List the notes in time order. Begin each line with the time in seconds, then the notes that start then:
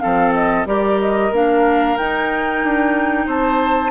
0.00 F3 C4 A4 F5
0.34 D#5
0.66 G3 G4 A#4 D5
1.01 D#5
1.31 A#3 D4 F5
1.97 D#4 G5
2.64 D4
3.26 C4 C5 A5